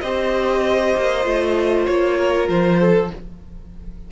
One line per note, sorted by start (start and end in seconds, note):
0.00 0.95 C4
0.00 1.23 G4
0.00 2.18 C5
0.00 1.86 D#5
0.96 1.25 A#3
1.23 1.87 A3
1.23 3.09 F4
1.86 2.48 A#3
1.86 2.47 C#5
2.18 2.79 A#4
2.48 3.10 F3
2.48 3.11 C5
2.79 3.10 A4